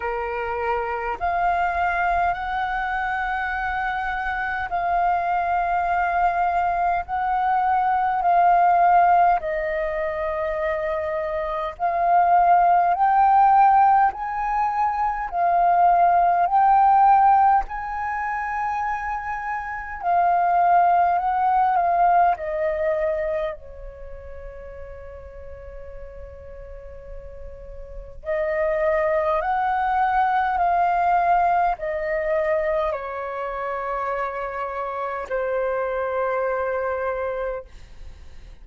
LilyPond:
\new Staff \with { instrumentName = "flute" } { \time 4/4 \tempo 4 = 51 ais'4 f''4 fis''2 | f''2 fis''4 f''4 | dis''2 f''4 g''4 | gis''4 f''4 g''4 gis''4~ |
gis''4 f''4 fis''8 f''8 dis''4 | cis''1 | dis''4 fis''4 f''4 dis''4 | cis''2 c''2 | }